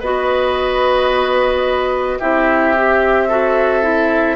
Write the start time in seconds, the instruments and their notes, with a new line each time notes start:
0.00 bassoon B3, clarinet F#4, oboe B4, flute D#5
2.19 bassoon C4, clarinet E4, oboe G4, flute E5
2.77 clarinet G4
3.28 clarinet F#4, oboe A4
3.82 clarinet E4